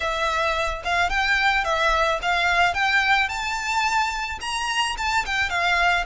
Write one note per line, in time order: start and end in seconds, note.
0.00 0.82 E5
0.84 1.09 F5
1.09 1.64 G5
1.64 2.19 E5
2.22 2.74 F5
2.74 3.28 G5
3.28 4.38 A5
4.41 4.96 A#5
4.97 5.25 A5
5.25 5.49 G5
5.49 6.04 F5